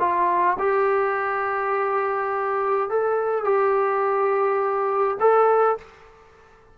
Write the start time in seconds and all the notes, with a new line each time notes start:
0.00 F4
0.59 G4
2.90 A4
3.45 G4
5.20 A4